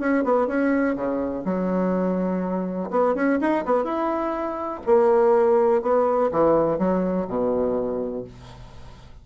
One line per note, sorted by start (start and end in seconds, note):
0.00 0.24 C#4
0.24 0.47 B3
0.47 0.96 C#4
0.96 1.44 C#3
1.45 2.90 F#3
2.91 3.15 B3
3.15 3.39 C#4
3.41 3.65 D#4
3.65 3.84 B3
3.84 4.81 E4
4.87 5.82 A#3
5.82 6.31 B3
6.32 6.79 E3
6.79 7.27 F#3
7.28 8.24 B2